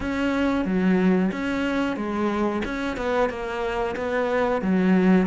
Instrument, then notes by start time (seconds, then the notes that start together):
cello
0.00 C#4
0.65 F#3
1.32 C#4
1.96 G#3
2.64 C#4
2.97 B3
3.29 A#3
3.96 B3
4.61 F#3